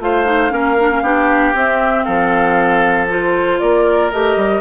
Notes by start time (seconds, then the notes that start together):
0.00 A3 F4 C5 F5
0.26 D#4
0.50 A#3 C#4 A#4
0.80 D4
0.91 C#4
1.03 B3 D4 G4
1.54 C4 E5
2.05 F3 A4 F5
3.10 F4 C5
3.60 A#3 A#4 D5
4.12 A3 G4 D#5
4.37 G3